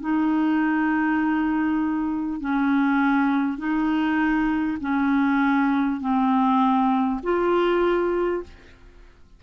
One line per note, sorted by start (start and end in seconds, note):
0.00 2.40 D#4
2.40 3.58 C#4
3.58 4.78 D#4
4.81 6.00 C#4
6.00 7.20 C4
7.23 8.43 F4